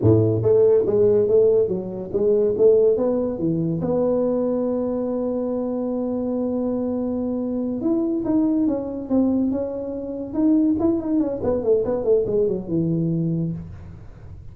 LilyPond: \new Staff \with { instrumentName = "tuba" } { \time 4/4 \tempo 4 = 142 a,4 a4 gis4 a4 | fis4 gis4 a4 b4 | e4 b2.~ | b1~ |
b2~ b8 e'4 dis'8~ | dis'8 cis'4 c'4 cis'4.~ | cis'8 dis'4 e'8 dis'8 cis'8 b8 a8 | b8 a8 gis8 fis8 e2 | }